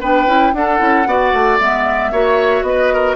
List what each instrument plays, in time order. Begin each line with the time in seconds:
0.00 bassoon B3, clarinet D4, oboe B4, flute G5
0.25 bassoon C#4, clarinet E4
0.53 bassoon D4, clarinet D4, oboe A4, flute F#5
0.78 bassoon C#4, clarinet E4
1.06 bassoon B3, clarinet F#4, oboe D5
1.33 bassoon A3
1.59 bassoon G#3, clarinet B3, flute E5
2.11 bassoon A#3, clarinet F#4, oboe C#5
2.62 bassoon B3, flute D#5
2.68 oboe B4
2.94 oboe A#4